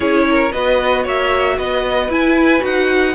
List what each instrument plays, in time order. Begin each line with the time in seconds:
0.00 cello C#4, viola E4, violin G#4 C#5
0.29 violin A#4
0.52 cello B3, viola F#4, violin B4 D#5
1.03 cello A#3, violin C#5 E5
1.57 cello B3, violin B4 D#5
2.08 cello E4, viola E4, violin G#5
2.59 cello D#4, viola F#4, violin F#5